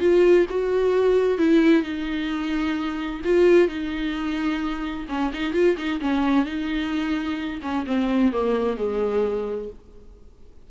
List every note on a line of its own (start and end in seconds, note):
0.00 0.46 F4
0.50 1.38 F#4
1.38 1.83 E4
1.83 3.22 D#4
3.24 3.68 F4
3.68 5.07 D#4
5.09 5.32 C#4
5.33 5.53 D#4
5.53 5.77 F4
5.77 6.00 D#4
6.01 6.45 C#4
6.45 7.60 D#4
7.62 7.85 C#4
7.86 8.32 C4
8.32 8.77 A#3
8.77 9.69 G#3